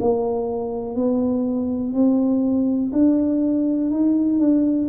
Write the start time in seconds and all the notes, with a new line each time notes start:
0.00 A#3
0.95 B3
1.93 C4
2.92 D4
3.90 D#4
4.39 D4